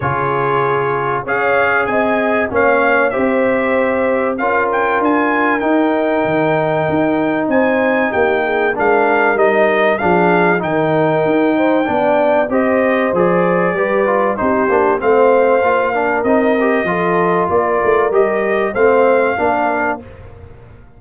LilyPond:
<<
  \new Staff \with { instrumentName = "trumpet" } { \time 4/4 \tempo 4 = 96 cis''2 f''4 gis''4 | f''4 e''2 f''8 g''8 | gis''4 g''2. | gis''4 g''4 f''4 dis''4 |
f''4 g''2. | dis''4 d''2 c''4 | f''2 dis''2 | d''4 dis''4 f''2 | }
  \new Staff \with { instrumentName = "horn" } { \time 4/4 gis'2 cis''4 dis''4 | cis''4 c''2 ais'4~ | ais'1 | c''4 g'8 gis'8 ais'2 |
gis'4 ais'4. c''8 d''4 | c''2 b'4 g'4 | c''4. ais'4. a'4 | ais'2 c''4 ais'4 | }
  \new Staff \with { instrumentName = "trombone" } { \time 4/4 f'2 gis'2 | cis'4 g'2 f'4~ | f'4 dis'2.~ | dis'2 d'4 dis'4 |
d'4 dis'2 d'4 | g'4 gis'4 g'8 f'8 dis'8 d'8 | c'4 f'8 d'8 dis'8 g'8 f'4~ | f'4 g'4 c'4 d'4 | }
  \new Staff \with { instrumentName = "tuba" } { \time 4/4 cis2 cis'4 c'4 | ais4 c'2 cis'4 | d'4 dis'4 dis4 dis'4 | c'4 ais4 gis4 g4 |
f4 dis4 dis'4 b4 | c'4 f4 g4 c'8 ais8 | a4 ais4 c'4 f4 | ais8 a8 g4 a4 ais4 | }
>>